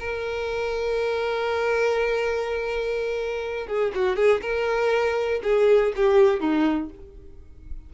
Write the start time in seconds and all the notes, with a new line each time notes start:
0.00 A#4
3.68 G#4
3.95 F#4
4.16 G#4
4.42 A#4
5.43 G#4
5.96 G4
6.41 D#4